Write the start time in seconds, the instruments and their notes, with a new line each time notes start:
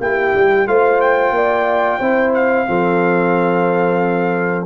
0.00 tuba A#3, trombone E4, horn G4, trumpet G5
0.35 tuba G3
0.67 tuba A3, trombone F4, horn C5, trumpet F5
1.01 trumpet G5
1.31 tuba A#3, horn D5
1.99 tuba C4, trombone E4, horn C5
2.33 trumpet F5
2.67 tuba F3, trombone C4, horn A4